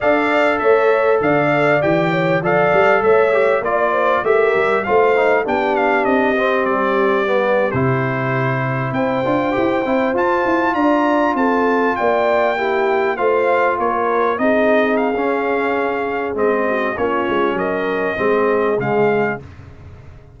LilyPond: <<
  \new Staff \with { instrumentName = "trumpet" } { \time 4/4 \tempo 4 = 99 f''4 e''4 f''4 g''4 | f''4 e''4 d''4 e''4 | f''4 g''8 f''8 dis''4 d''4~ | d''8. c''2 g''4~ g''16~ |
g''8. a''4 ais''4 a''4 g''16~ | g''4.~ g''16 f''4 cis''4 dis''16~ | dis''8. f''2~ f''16 dis''4 | cis''4 dis''2 f''4 | }
  \new Staff \with { instrumentName = "horn" } { \time 4/4 d''4 cis''4 d''4. cis''8 | d''4 cis''4 d''8 c''8 ais'4 | c''4 g'2.~ | g'2~ g'8. c''4~ c''16~ |
c''4.~ c''16 d''4 a'4 d''16~ | d''8. g'4 c''4 ais'4 gis'16~ | gis'2.~ gis'8 fis'8 | f'4 ais'4 gis'2 | }
  \new Staff \with { instrumentName = "trombone" } { \time 4/4 a'2. g'4 | a'4. g'8 f'4 g'4 | f'8 dis'8 d'4. c'4. | b8. e'2~ e'8 f'8 g'16~ |
g'16 e'8 f'2.~ f'16~ | f'8. e'4 f'2 dis'16~ | dis'4 cis'2 c'4 | cis'2 c'4 gis4 | }
  \new Staff \with { instrumentName = "tuba" } { \time 4/4 d'4 a4 d4 e4 | f8 g8 a4 ais4 a8 g8 | a4 b4 c'4 g4~ | g8. c2 c'8 d'8 e'16~ |
e'16 c'8 f'8 e'8 d'4 c'4 ais16~ | ais4.~ ais16 a4 ais4 c'16~ | c'4 cis'2 gis4 | ais8 gis8 fis4 gis4 cis4 | }
>>